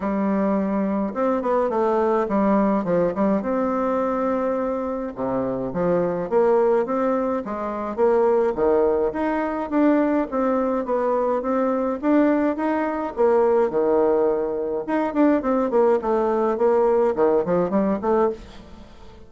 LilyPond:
\new Staff \with { instrumentName = "bassoon" } { \time 4/4 \tempo 4 = 105 g2 c'8 b8 a4 | g4 f8 g8 c'2~ | c'4 c4 f4 ais4 | c'4 gis4 ais4 dis4 |
dis'4 d'4 c'4 b4 | c'4 d'4 dis'4 ais4 | dis2 dis'8 d'8 c'8 ais8 | a4 ais4 dis8 f8 g8 a8 | }